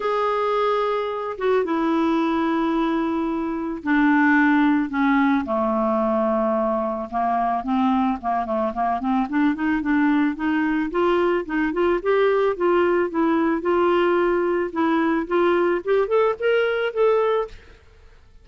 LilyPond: \new Staff \with { instrumentName = "clarinet" } { \time 4/4 \tempo 4 = 110 gis'2~ gis'8 fis'8 e'4~ | e'2. d'4~ | d'4 cis'4 a2~ | a4 ais4 c'4 ais8 a8 |
ais8 c'8 d'8 dis'8 d'4 dis'4 | f'4 dis'8 f'8 g'4 f'4 | e'4 f'2 e'4 | f'4 g'8 a'8 ais'4 a'4 | }